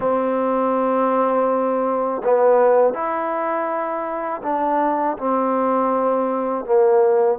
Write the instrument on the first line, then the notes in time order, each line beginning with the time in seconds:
trombone
0.00 C4
2.24 B3
2.93 E4
4.42 D4
5.18 C4
6.65 A#3